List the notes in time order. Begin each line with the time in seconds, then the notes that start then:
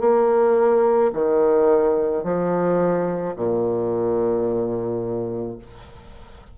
0.00 A#3
1.14 D#3
2.24 F3
3.36 A#2